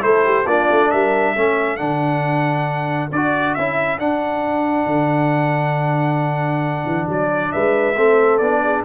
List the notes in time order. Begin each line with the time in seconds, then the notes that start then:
0.00 A3 E4 A4 C5
0.25 G4
0.46 A#3 D4 F4 D5
0.71 A3
0.91 G3 A#4 E5
1.35 A3 C#4 A4
1.76 D3 D4 F#5
3.11 D4 F#4 D5
3.54 C#4 E4 E5
3.98 D4 F#5
4.85 D3
6.86 E3
7.08 F#3 D5
7.52 G#3 B4 E5
7.97 A3 C4 A4
8.38 B3 D4 D5
8.64 G#4